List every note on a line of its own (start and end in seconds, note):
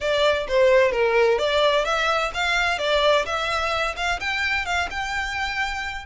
0.00 0.47 D5
0.48 0.91 C5
0.91 1.38 A#4
1.38 1.84 D5
1.84 2.31 E5
2.33 2.78 F5
2.78 3.25 D5
3.25 3.95 E5
3.96 4.19 F5
4.20 4.65 G5
4.65 4.88 F5
4.90 6.05 G5